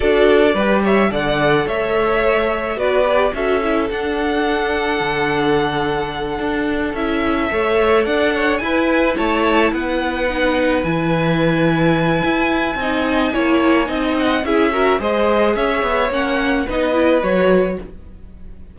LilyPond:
<<
  \new Staff \with { instrumentName = "violin" } { \time 4/4 \tempo 4 = 108 d''4. e''8 fis''4 e''4~ | e''4 d''4 e''4 fis''4~ | fis''1~ | fis''8 e''2 fis''4 gis''8~ |
gis''8 a''4 fis''2 gis''8~ | gis''1~ | gis''4. fis''8 e''4 dis''4 | e''4 fis''4 dis''4 cis''4 | }
  \new Staff \with { instrumentName = "violin" } { \time 4/4 a'4 b'8 cis''8 d''4 cis''4~ | cis''4 b'4 a'2~ | a'1~ | a'4. cis''4 d''8 cis''8 b'8~ |
b'8 cis''4 b'2~ b'8~ | b'2. dis''4 | cis''4 dis''4 gis'8 ais'8 c''4 | cis''2 b'2 | }
  \new Staff \with { instrumentName = "viola" } { \time 4/4 fis'4 g'4 a'2~ | a'4 fis'8 g'8 fis'8 e'8 d'4~ | d'1~ | d'8 e'4 a'2 e'8~ |
e'2~ e'8 dis'4 e'8~ | e'2. dis'4 | e'4 dis'4 e'8 fis'8 gis'4~ | gis'4 cis'4 dis'8 e'8 fis'4 | }
  \new Staff \with { instrumentName = "cello" } { \time 4/4 d'4 g4 d4 a4~ | a4 b4 cis'4 d'4~ | d'4 d2~ d8 d'8~ | d'8 cis'4 a4 d'4 e'8~ |
e'8 a4 b2 e8~ | e2 e'4 c'4 | ais4 c'4 cis'4 gis4 | cis'8 b8 ais4 b4 fis4 | }
>>